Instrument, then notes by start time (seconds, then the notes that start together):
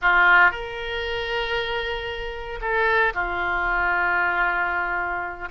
oboe
0.01 F4
0.51 A#4
2.61 A4
3.14 F4